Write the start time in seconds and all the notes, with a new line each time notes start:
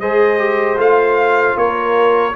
0.00 G#3 G#4 C5 D#5
0.38 G4
0.76 A3 F4 F5
1.56 A#3 A#4 C#5